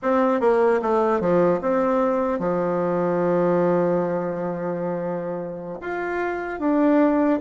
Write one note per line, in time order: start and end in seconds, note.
0.02 0.40 C4
0.40 0.80 A#3
0.81 1.20 A3
1.20 1.60 F3
1.61 2.39 C4
2.39 5.79 F3
5.80 6.59 F4
6.59 7.39 D4